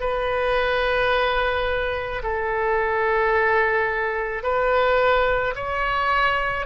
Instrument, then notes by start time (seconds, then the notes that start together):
oboe
0.00 B4
2.23 A4
4.43 B4
5.56 C#5